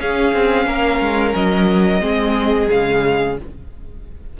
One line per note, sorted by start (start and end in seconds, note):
0.00 0.34 C#4
0.00 2.01 C#4
0.00 0.67 G#4
0.00 1.36 F5
0.34 0.67 C4
0.67 1.00 A#3
0.67 2.02 A#4
1.01 1.34 G#3
1.35 2.02 F#3
1.35 2.71 D#5
2.01 2.69 G#3
2.01 2.68 C4
2.01 3.38 G#4
2.71 3.40 C#3
2.71 3.39 G#3
2.71 3.38 F5